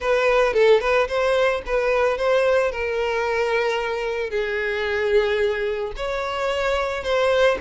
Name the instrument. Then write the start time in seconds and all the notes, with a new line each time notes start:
violin
0.00 B4
0.53 A4
0.80 B4
1.08 C5
1.65 B4
2.17 C5
2.71 A#4
4.30 G#4
5.96 C#5
7.03 C5